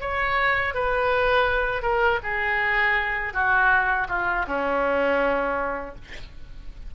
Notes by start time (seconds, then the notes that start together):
0.00 C#5
0.74 B4
1.82 A#4
2.23 G#4
3.33 F#4
4.08 F4
4.47 C#4